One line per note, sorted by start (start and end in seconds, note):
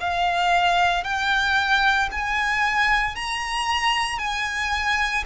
0.00 1.03 F5
1.03 2.09 G5
2.11 3.15 G#5
3.15 4.19 A#5
4.19 5.24 G#5